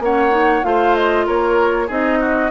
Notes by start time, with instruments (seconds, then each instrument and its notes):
0.00 bassoon A#3, clarinet C#4, oboe C#5, flute F#5
0.31 clarinet D#4
0.63 bassoon A3, clarinet F4, oboe C5, flute F5
0.95 flute D#5
1.27 bassoon A#3, oboe A#4, flute C#5
1.87 bassoon C4, clarinet D#4, oboe G#4, flute D#5
2.20 oboe F#4